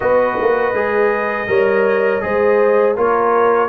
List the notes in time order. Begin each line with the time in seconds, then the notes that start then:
0.00 B3 F#4 B4 D#5
0.40 A#3
0.73 G#3 G#4
1.47 G3 A#4 C#5
2.21 G#3 G#4 C5
2.96 A#3 F4 A#4 C#5